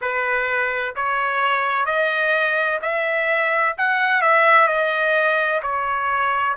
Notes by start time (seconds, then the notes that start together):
0.01 B4
0.95 C#5
1.85 D#5
2.81 E5
3.78 F#5
4.21 E5
4.67 D#5
5.62 C#5